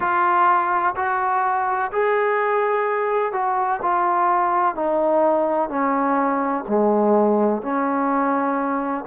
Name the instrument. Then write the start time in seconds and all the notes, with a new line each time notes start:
trombone
0.00 F4
0.95 F#4
1.91 G#4
3.32 F#4
3.81 F4
4.75 D#4
5.69 C#4
6.68 G#3
7.61 C#4